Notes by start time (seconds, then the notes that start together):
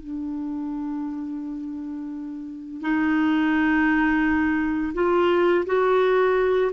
0.00 D4
2.81 D#4
4.94 F4
5.66 F#4